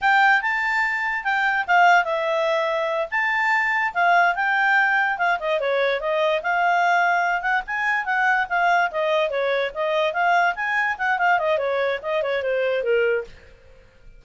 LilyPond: \new Staff \with { instrumentName = "clarinet" } { \time 4/4 \tempo 4 = 145 g''4 a''2 g''4 | f''4 e''2~ e''8 a''8~ | a''4. f''4 g''4.~ | g''8 f''8 dis''8 cis''4 dis''4 f''8~ |
f''2 fis''8 gis''4 fis''8~ | fis''8 f''4 dis''4 cis''4 dis''8~ | dis''8 f''4 gis''4 fis''8 f''8 dis''8 | cis''4 dis''8 cis''8 c''4 ais'4 | }